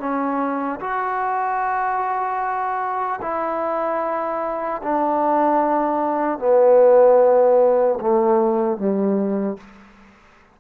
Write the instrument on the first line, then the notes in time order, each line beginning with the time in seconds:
trombone
0.00 C#4
0.80 F#4
3.22 E4
4.83 D4
6.39 B3
8.01 A3
8.78 G3